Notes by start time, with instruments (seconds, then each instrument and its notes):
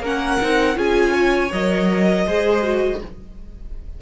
0.00 cello A#3, viola C#4, violin A#4 F#5
0.42 cello C4, viola D#4
0.75 cello C#4, viola F4, violin G#4 G#5
1.12 violin C#5
1.52 cello F#3, viola A#4, violin D#5
2.26 cello G#3, viola G#4, violin C5
2.62 viola F#4